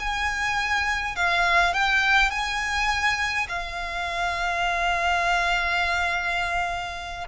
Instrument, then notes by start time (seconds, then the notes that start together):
violin
0.00 G#5
1.16 F5
1.74 G5
2.31 G#5
3.49 F5